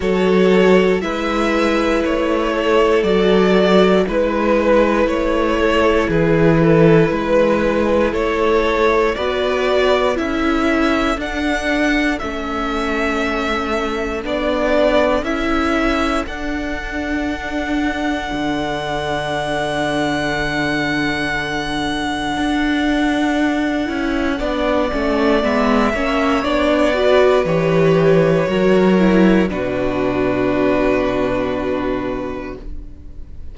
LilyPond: <<
  \new Staff \with { instrumentName = "violin" } { \time 4/4 \tempo 4 = 59 cis''4 e''4 cis''4 d''4 | b'4 cis''4 b'2 | cis''4 d''4 e''4 fis''4 | e''2 d''4 e''4 |
fis''1~ | fis''1~ | fis''4 e''4 d''4 cis''4~ | cis''4 b'2. | }
  \new Staff \with { instrumentName = "violin" } { \time 4/4 a'4 b'4. a'4. | b'4. a'8 gis'8 a'8 b'4 | a'4 b'4 a'2~ | a'1~ |
a'1~ | a'1 | d''4. cis''4 b'4. | ais'4 fis'2. | }
  \new Staff \with { instrumentName = "viola" } { \time 4/4 fis'4 e'2 fis'4 | e'1~ | e'4 fis'4 e'4 d'4 | cis'2 d'4 e'4 |
d'1~ | d'2.~ d'8 e'8 | d'8 cis'8 b8 cis'8 d'8 fis'8 g'4 | fis'8 e'8 d'2. | }
  \new Staff \with { instrumentName = "cello" } { \time 4/4 fis4 gis4 a4 fis4 | gis4 a4 e4 gis4 | a4 b4 cis'4 d'4 | a2 b4 cis'4 |
d'2 d2~ | d2 d'4. cis'8 | b8 a8 gis8 ais8 b4 e4 | fis4 b,2. | }
>>